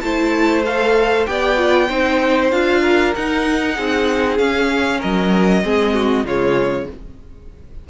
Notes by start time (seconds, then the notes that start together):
0.00 A3 E4 C5 A5
0.64 A4 F5
1.26 B3 G4 D5 G5
1.56 F4
1.88 C4 D#4 C5
2.51 D4 F4 F5
2.81 A#4
3.15 D#4 F#5
3.75 C4 G#4
4.38 C#4 F5
4.99 F#3 A#4 D#5
5.64 G#3 C4 G#4
5.94 F#4
6.24 C#3 G#3 F4 C#5